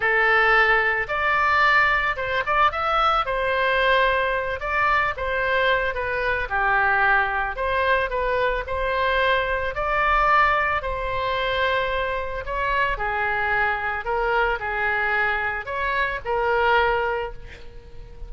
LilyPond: \new Staff \with { instrumentName = "oboe" } { \time 4/4 \tempo 4 = 111 a'2 d''2 | c''8 d''8 e''4 c''2~ | c''8 d''4 c''4. b'4 | g'2 c''4 b'4 |
c''2 d''2 | c''2. cis''4 | gis'2 ais'4 gis'4~ | gis'4 cis''4 ais'2 | }